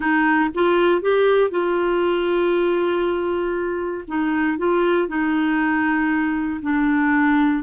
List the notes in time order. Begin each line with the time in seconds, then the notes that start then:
0.00 D#4
0.54 F4
1.01 G4
1.50 F4
4.07 D#4
4.58 F4
5.08 D#4
6.61 D4